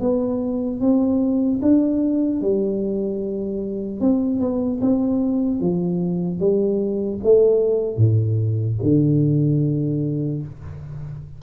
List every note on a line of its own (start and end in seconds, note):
0.00 0.80 B3
0.80 1.60 C4
1.61 2.41 D4
2.41 4.00 G3
4.00 4.40 C4
4.40 4.80 B3
4.81 5.60 C4
5.60 6.39 F3
6.39 7.19 G3
7.23 7.96 A3
7.96 8.76 A2
8.82 10.42 D3